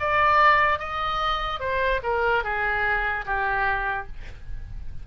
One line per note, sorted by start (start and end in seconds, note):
0.00 0.79 D5
0.79 1.60 D#5
1.60 2.00 C5
2.03 2.44 A#4
2.44 3.25 G#4
3.26 4.07 G4